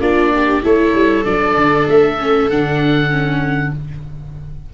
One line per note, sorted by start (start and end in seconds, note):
0.00 0.62 A#3
0.00 0.63 D4
0.00 0.32 F4
0.00 0.62 D5
0.35 0.64 G4
0.63 0.94 A3
0.63 1.24 E4
0.63 3.74 A4
0.63 1.25 C#5
0.94 1.25 G3
1.24 1.56 F#3
1.24 2.17 D4
1.24 1.87 D5
1.56 1.87 D3
1.88 2.49 A3
1.88 2.50 E5
2.19 2.50 C#4
2.49 3.73 D3
2.49 3.10 D4
2.49 3.74 F#5
3.10 3.72 C#4